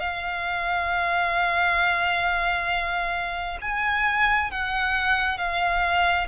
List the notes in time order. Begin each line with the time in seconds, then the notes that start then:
0.00 F5
3.61 G#5
4.51 F#5
5.38 F5